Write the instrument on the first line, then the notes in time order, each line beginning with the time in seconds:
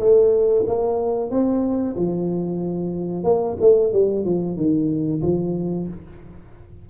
tuba
0.00 A3
0.67 A#3
1.31 C4
1.96 F3
3.24 A#3
3.61 A3
3.93 G3
4.25 F3
4.57 D#3
5.22 F3